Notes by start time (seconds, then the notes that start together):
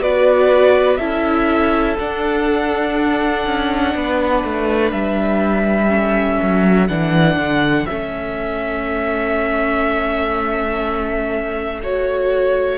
0.00 B3 F#4 B4 D5
0.97 C#4 E4 A4 E5
1.99 D4 F#5
3.46 C#4
3.94 B3 B4
4.44 A3
4.91 G3 E5
5.89 C#4 A4
6.42 F#3
6.88 E3 D4 F#5
7.36 D3
7.86 A3 C#4 E5
11.83 F#4 C#5